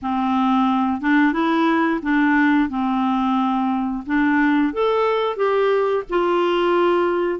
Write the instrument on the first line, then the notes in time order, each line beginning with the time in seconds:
clarinet
0.02 C4
1.01 D4
1.33 E4
2.02 D4
2.69 C4
4.06 D4
4.73 A4
5.36 G4
6.09 F4